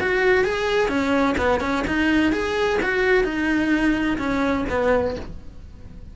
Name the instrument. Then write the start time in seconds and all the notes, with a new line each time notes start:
cello
0.00 F#4
0.44 G#4
0.88 C#4
1.37 B3
1.60 C#4
1.87 D#4
2.32 G#4
2.82 F#4
3.24 D#4
4.18 C#4
4.69 B3